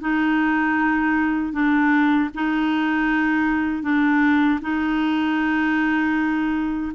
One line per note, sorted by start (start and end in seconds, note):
0.00 1.52 D#4
1.52 2.29 D4
2.34 3.83 D#4
3.83 4.59 D4
4.61 6.92 D#4